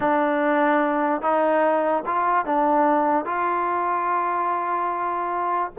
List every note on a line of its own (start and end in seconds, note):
0.00 1.21 D4
1.21 2.03 D#4
2.05 2.45 F4
2.45 3.25 D4
3.25 5.71 F4